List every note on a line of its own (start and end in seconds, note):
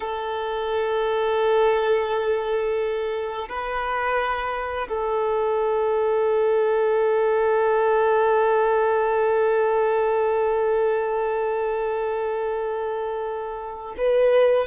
0.00 3.48 A4
3.48 4.88 B4
4.88 13.95 A4
13.97 14.66 B4